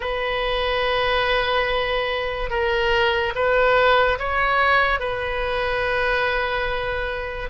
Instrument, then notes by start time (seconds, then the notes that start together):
oboe
0.00 B4
2.50 A#4
3.35 B4
4.19 C#5
4.99 B4